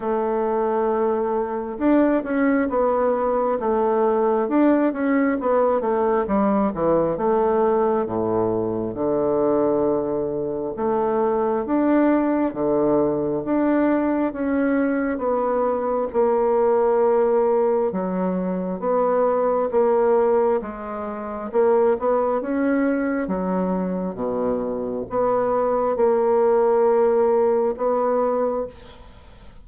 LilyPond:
\new Staff \with { instrumentName = "bassoon" } { \time 4/4 \tempo 4 = 67 a2 d'8 cis'8 b4 | a4 d'8 cis'8 b8 a8 g8 e8 | a4 a,4 d2 | a4 d'4 d4 d'4 |
cis'4 b4 ais2 | fis4 b4 ais4 gis4 | ais8 b8 cis'4 fis4 b,4 | b4 ais2 b4 | }